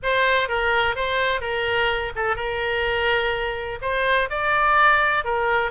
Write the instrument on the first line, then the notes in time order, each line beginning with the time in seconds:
oboe
0.02 C5
0.48 A#4
0.95 C5
1.40 A#4
2.15 A4
2.36 A#4
3.81 C5
4.29 D5
5.24 A#4